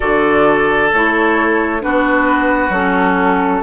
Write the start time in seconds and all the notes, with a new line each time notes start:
0.00 D3 F#4 A4 D5
0.92 A3 E4 C#5
1.80 B3 D4 F#4 B4
2.69 F#3 C#4 A4